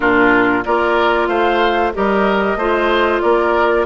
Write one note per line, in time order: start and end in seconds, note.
0.00 0.64 A#2
0.00 0.63 D4
0.00 0.64 F4
0.00 0.63 A#4
0.64 1.28 A#3
0.64 1.93 F4
0.64 1.28 A#4
0.64 1.27 D5
1.27 1.92 A3
1.27 1.92 C5
1.27 1.91 F5
1.93 2.55 G3
1.93 2.58 G4
1.93 2.58 A#4
1.93 3.20 D#5
2.55 3.20 A3
2.55 3.86 F4
2.55 3.22 C5
3.20 3.86 A#3
3.20 3.86 A#4
3.20 3.85 D5